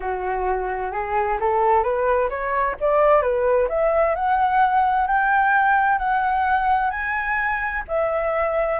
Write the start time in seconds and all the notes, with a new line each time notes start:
0.00 F#4
0.91 G#4
1.40 A4
1.83 B4
2.29 C#5
2.80 D5
3.22 B4
3.69 E5
4.15 F#5
5.07 G5
5.98 F#5
6.90 G#5
7.88 E5